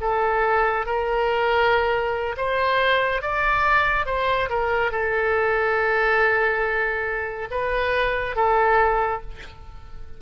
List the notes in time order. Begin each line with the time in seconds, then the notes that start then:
0.00 A4
0.85 A#4
2.36 C5
3.21 D5
4.06 C5
4.49 A#4
4.91 A4
7.50 B4
8.35 A4